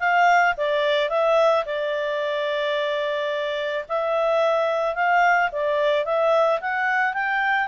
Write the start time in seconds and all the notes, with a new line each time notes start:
0.00 F5
0.57 D5
1.10 E5
1.65 D5
3.89 E5
4.95 F5
5.52 D5
6.05 E5
6.61 F#5
7.14 G5